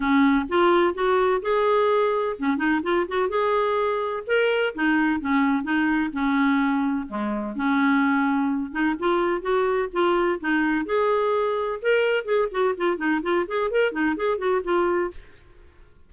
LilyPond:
\new Staff \with { instrumentName = "clarinet" } { \time 4/4 \tempo 4 = 127 cis'4 f'4 fis'4 gis'4~ | gis'4 cis'8 dis'8 f'8 fis'8 gis'4~ | gis'4 ais'4 dis'4 cis'4 | dis'4 cis'2 gis4 |
cis'2~ cis'8 dis'8 f'4 | fis'4 f'4 dis'4 gis'4~ | gis'4 ais'4 gis'8 fis'8 f'8 dis'8 | f'8 gis'8 ais'8 dis'8 gis'8 fis'8 f'4 | }